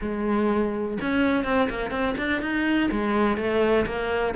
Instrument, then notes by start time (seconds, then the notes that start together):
cello
0.01 G#3
1.01 C#4
1.44 C4
1.69 A#3
1.90 C4
2.17 D4
2.41 D#4
2.91 G#3
3.37 A3
3.86 A#3